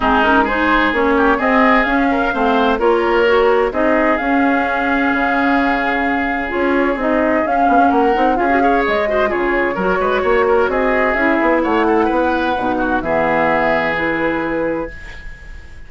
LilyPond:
<<
  \new Staff \with { instrumentName = "flute" } { \time 4/4 \tempo 4 = 129 gis'8 ais'8 c''4 cis''4 dis''4 | f''2 cis''2 | dis''4 f''2.~ | f''2 cis''4 dis''4 |
f''4 fis''4 f''4 dis''4 | cis''2. dis''4 | e''4 fis''2. | e''2 b'2 | }
  \new Staff \with { instrumentName = "oboe" } { \time 4/4 dis'4 gis'4. g'8 gis'4~ | gis'8 ais'8 c''4 ais'2 | gis'1~ | gis'1~ |
gis'4 ais'4 gis'8 cis''4 c''8 | gis'4 ais'8 b'8 cis''8 ais'8 gis'4~ | gis'4 cis''8 a'8 b'4. fis'8 | gis'1 | }
  \new Staff \with { instrumentName = "clarinet" } { \time 4/4 c'8 cis'8 dis'4 cis'4 c'4 | cis'4 c'4 f'4 fis'4 | dis'4 cis'2.~ | cis'2 f'4 dis'4 |
cis'4. dis'8 f'16 fis'16 gis'4 fis'8 | f'4 fis'2. | e'2. dis'4 | b2 e'2 | }
  \new Staff \with { instrumentName = "bassoon" } { \time 4/4 gis2 ais4 c'4 | cis'4 a4 ais2 | c'4 cis'2 cis4~ | cis2 cis'4 c'4 |
cis'8 b16 cis'16 ais8 c'8 cis'4 gis4 | cis4 fis8 gis8 ais4 c'4 | cis'8 b8 a4 b4 b,4 | e1 | }
>>